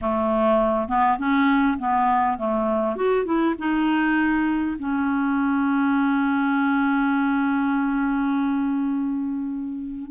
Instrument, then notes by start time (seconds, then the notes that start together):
clarinet
0.01 A3
0.88 B3
1.18 C#4
1.78 B3
2.38 A3
2.95 F#4
3.25 E4
3.58 D#4
4.78 C#4